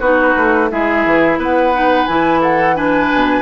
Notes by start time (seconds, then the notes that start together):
0.00 B3 D#4 F#4 B4
0.37 A3
0.71 G#3 E4 G#4 E5
1.06 E3
1.38 B3 B4 F#5
1.74 D#4
2.06 E3 E4 G#5
2.41 A4 F#5
2.76 D4 B4 G#5
3.14 B2